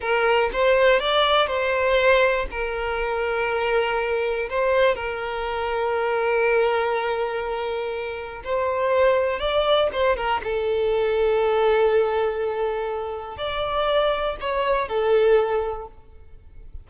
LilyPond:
\new Staff \with { instrumentName = "violin" } { \time 4/4 \tempo 4 = 121 ais'4 c''4 d''4 c''4~ | c''4 ais'2.~ | ais'4 c''4 ais'2~ | ais'1~ |
ais'4 c''2 d''4 | c''8 ais'8 a'2.~ | a'2. d''4~ | d''4 cis''4 a'2 | }